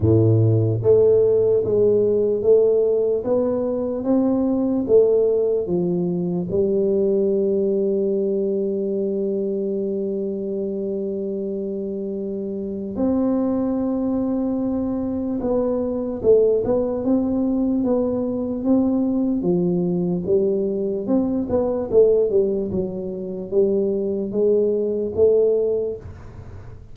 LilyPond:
\new Staff \with { instrumentName = "tuba" } { \time 4/4 \tempo 4 = 74 a,4 a4 gis4 a4 | b4 c'4 a4 f4 | g1~ | g1 |
c'2. b4 | a8 b8 c'4 b4 c'4 | f4 g4 c'8 b8 a8 g8 | fis4 g4 gis4 a4 | }